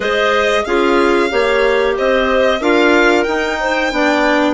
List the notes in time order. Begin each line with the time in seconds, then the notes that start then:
0.00 G#3 G#4 C5 D#5
0.64 C#4 F4 G#4 F5
1.29 A#3 G4 C#5
1.97 C4 C5 D#5
2.60 D4 F4 A#4 F5
3.23 D#4 G5
3.60 C5
3.91 B3 D4 D5